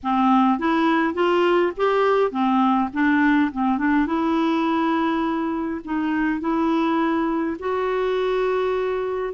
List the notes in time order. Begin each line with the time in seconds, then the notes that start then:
0.03 C4
0.58 E4
1.14 F4
1.76 G4
2.31 C4
2.93 D4
3.52 C4
3.78 D4
4.06 E4
5.84 D#4
6.40 E4
7.59 F#4